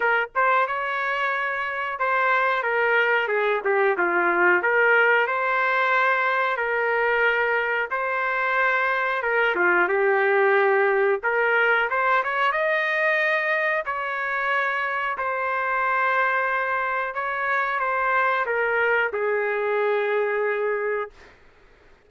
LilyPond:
\new Staff \with { instrumentName = "trumpet" } { \time 4/4 \tempo 4 = 91 ais'8 c''8 cis''2 c''4 | ais'4 gis'8 g'8 f'4 ais'4 | c''2 ais'2 | c''2 ais'8 f'8 g'4~ |
g'4 ais'4 c''8 cis''8 dis''4~ | dis''4 cis''2 c''4~ | c''2 cis''4 c''4 | ais'4 gis'2. | }